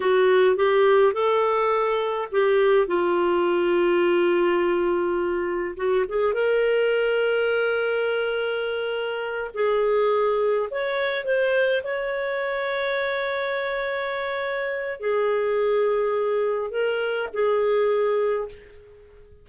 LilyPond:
\new Staff \with { instrumentName = "clarinet" } { \time 4/4 \tempo 4 = 104 fis'4 g'4 a'2 | g'4 f'2.~ | f'2 fis'8 gis'8 ais'4~ | ais'1~ |
ais'8 gis'2 cis''4 c''8~ | c''8 cis''2.~ cis''8~ | cis''2 gis'2~ | gis'4 ais'4 gis'2 | }